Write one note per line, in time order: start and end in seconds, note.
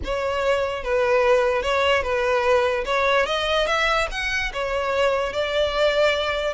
0.04 0.83 C#5
0.83 1.62 B4
1.62 2.02 C#5
2.02 2.84 B4
2.85 3.25 C#5
3.26 3.66 D#5
3.66 4.07 E5
4.11 4.51 F#5
4.53 5.32 C#5
5.32 6.53 D5